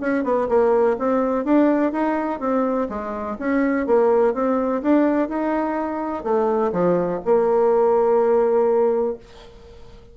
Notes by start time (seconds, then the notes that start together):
0.00 C#4
0.24 B3
0.48 A#3
0.98 C4
1.45 D4
1.92 D#4
2.40 C4
2.89 G#3
3.39 C#4
3.87 A#3
4.34 C4
4.82 D4
5.28 D#4
6.24 A3
6.72 F3
7.25 A#3